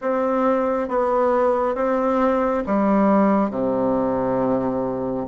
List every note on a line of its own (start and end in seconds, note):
0.01 0.88 C4
0.88 1.75 B3
1.75 2.63 C4
2.66 3.50 G3
3.50 5.27 C3